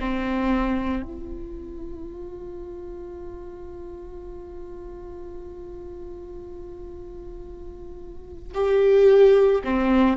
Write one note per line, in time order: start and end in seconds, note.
0.00 1.04 C4
1.04 8.54 F4
8.55 9.62 G4
9.65 10.17 C4